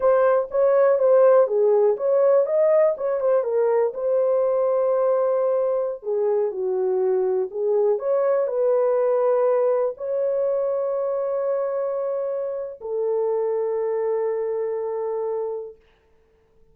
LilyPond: \new Staff \with { instrumentName = "horn" } { \time 4/4 \tempo 4 = 122 c''4 cis''4 c''4 gis'4 | cis''4 dis''4 cis''8 c''8 ais'4 | c''1~ | c''16 gis'4 fis'2 gis'8.~ |
gis'16 cis''4 b'2~ b'8.~ | b'16 cis''2.~ cis''8.~ | cis''2 a'2~ | a'1 | }